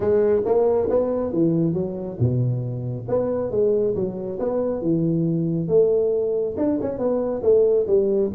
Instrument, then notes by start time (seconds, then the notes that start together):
tuba
0.00 G#3
0.45 A#3
0.89 B3
1.32 E3
1.73 F#3
2.19 B2
3.08 B3
3.51 G#3
3.95 F#3
4.39 B3
4.81 E3
5.68 A3
6.57 D4
6.81 C#4
6.98 B3
7.42 A3
7.86 G3